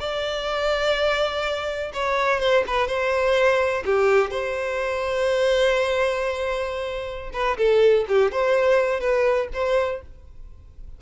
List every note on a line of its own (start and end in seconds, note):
0.00 1.92 D5
1.93 2.40 C#5
2.40 2.64 C5
2.67 2.87 B4
2.87 3.83 C5
3.85 4.30 G4
4.30 7.30 C5
7.33 7.57 B4
7.57 8.05 A4
8.08 8.32 G4
8.32 9.00 C5
9.00 9.48 B4
9.53 10.01 C5